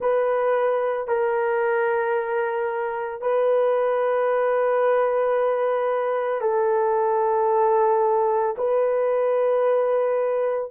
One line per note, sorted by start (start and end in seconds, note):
0.00 1.07 B4
1.07 3.21 A#4
3.21 6.41 B4
6.41 8.55 A4
8.57 10.70 B4